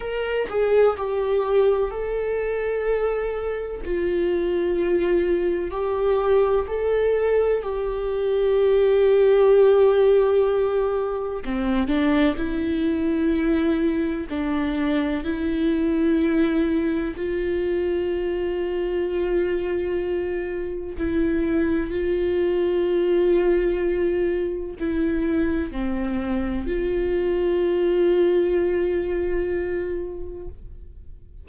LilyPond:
\new Staff \with { instrumentName = "viola" } { \time 4/4 \tempo 4 = 63 ais'8 gis'8 g'4 a'2 | f'2 g'4 a'4 | g'1 | c'8 d'8 e'2 d'4 |
e'2 f'2~ | f'2 e'4 f'4~ | f'2 e'4 c'4 | f'1 | }